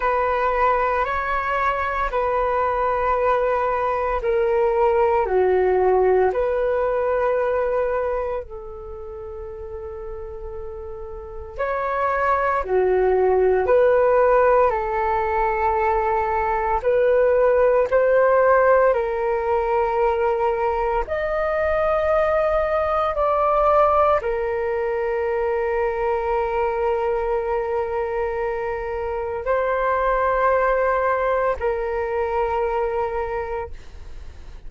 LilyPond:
\new Staff \with { instrumentName = "flute" } { \time 4/4 \tempo 4 = 57 b'4 cis''4 b'2 | ais'4 fis'4 b'2 | a'2. cis''4 | fis'4 b'4 a'2 |
b'4 c''4 ais'2 | dis''2 d''4 ais'4~ | ais'1 | c''2 ais'2 | }